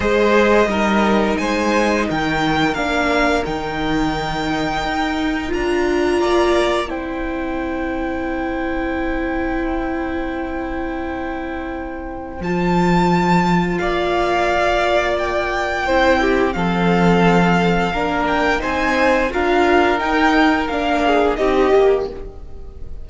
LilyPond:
<<
  \new Staff \with { instrumentName = "violin" } { \time 4/4 \tempo 4 = 87 dis''2 gis''4 g''4 | f''4 g''2. | ais''2 g''2~ | g''1~ |
g''2 a''2 | f''2 g''2 | f''2~ f''8 g''8 gis''4 | f''4 g''4 f''4 dis''4 | }
  \new Staff \with { instrumentName = "violin" } { \time 4/4 c''4 ais'4 c''4 ais'4~ | ais'1~ | ais'4 d''4 c''2~ | c''1~ |
c''1 | d''2. c''8 g'8 | a'2 ais'4 c''4 | ais'2~ ais'8 gis'8 g'4 | }
  \new Staff \with { instrumentName = "viola" } { \time 4/4 gis'4 dis'2. | d'4 dis'2. | f'2 e'2~ | e'1~ |
e'2 f'2~ | f'2. e'4 | c'2 d'4 dis'4 | f'4 dis'4 d'4 dis'8 g'8 | }
  \new Staff \with { instrumentName = "cello" } { \time 4/4 gis4 g4 gis4 dis4 | ais4 dis2 dis'4 | d'4 ais4 c'2~ | c'1~ |
c'2 f2 | ais2. c'4 | f2 ais4 c'4 | d'4 dis'4 ais4 c'8 ais8 | }
>>